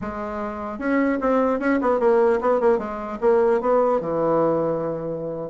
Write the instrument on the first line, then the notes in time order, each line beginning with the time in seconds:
bassoon
0.01 G#3
0.78 C#4
1.20 C4
1.59 C#4
1.81 B3
1.99 A#3
2.40 B3
2.60 A#3
2.78 G#3
3.21 A#3
3.60 B3
4.00 E3